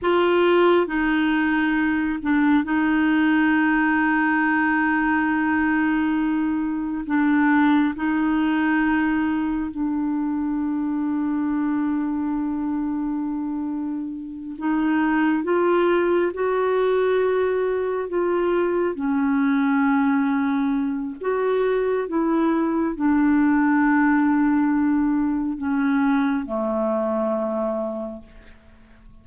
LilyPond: \new Staff \with { instrumentName = "clarinet" } { \time 4/4 \tempo 4 = 68 f'4 dis'4. d'8 dis'4~ | dis'1 | d'4 dis'2 d'4~ | d'1~ |
d'8 dis'4 f'4 fis'4.~ | fis'8 f'4 cis'2~ cis'8 | fis'4 e'4 d'2~ | d'4 cis'4 a2 | }